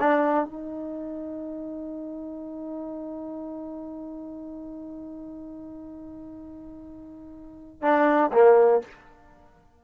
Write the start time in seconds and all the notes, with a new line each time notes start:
0.00 D4
0.46 D#4
7.82 D4
8.32 A#3